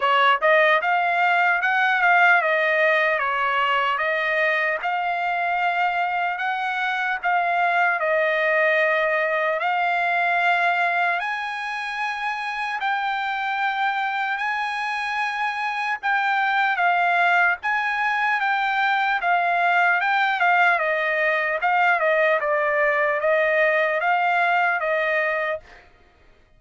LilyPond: \new Staff \with { instrumentName = "trumpet" } { \time 4/4 \tempo 4 = 75 cis''8 dis''8 f''4 fis''8 f''8 dis''4 | cis''4 dis''4 f''2 | fis''4 f''4 dis''2 | f''2 gis''2 |
g''2 gis''2 | g''4 f''4 gis''4 g''4 | f''4 g''8 f''8 dis''4 f''8 dis''8 | d''4 dis''4 f''4 dis''4 | }